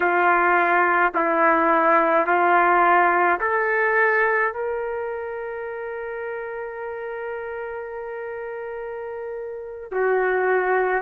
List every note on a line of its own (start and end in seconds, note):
0.00 1.13 F4
1.14 2.26 E4
2.26 3.39 F4
3.40 4.53 A4
4.53 9.91 A#4
9.91 11.02 F#4